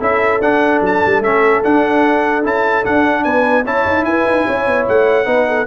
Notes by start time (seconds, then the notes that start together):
0.00 C#4 E4 A4 E5
0.40 D4 F#5
0.82 F#3 A5
1.06 G3
1.20 A3 C#4 E5
1.64 D4 F#5
2.44 C#4 E4 A5
2.84 D4 F#5
3.24 B3 B4 G#5
3.65 C#4 E4 C#5 A5
3.86 D#4
4.05 E4 B4 G#5
4.26 D#4
4.47 C#4 C#5
4.67 B3
4.89 A3 F#5
5.26 B3 D#4 B4
5.48 A4